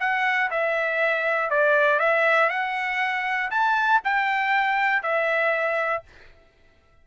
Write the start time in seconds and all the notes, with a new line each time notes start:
0.00 F#5
0.51 E5
1.50 D5
1.99 E5
2.50 F#5
3.51 A5
4.04 G5
5.03 E5